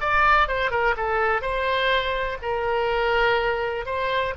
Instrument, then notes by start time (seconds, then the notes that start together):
oboe
0.00 D5
0.48 C5
0.70 A#4
0.96 A4
1.41 C5
2.42 A#4
3.85 C5